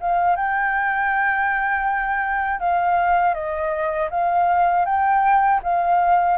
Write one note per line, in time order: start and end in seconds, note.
0.00 0.36 F5
0.36 2.60 G5
2.60 3.34 F5
3.34 4.09 D#5
4.10 4.85 F5
4.85 5.60 G5
5.62 6.37 F5